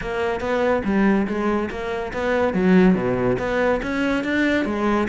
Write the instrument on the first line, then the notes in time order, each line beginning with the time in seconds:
cello
0.01 A#3
0.40 B3
0.84 G3
1.27 G#3
1.70 A#3
2.13 B3
2.53 F#3
2.94 B2
3.38 B3
3.82 C#4
4.24 D4
4.65 G#3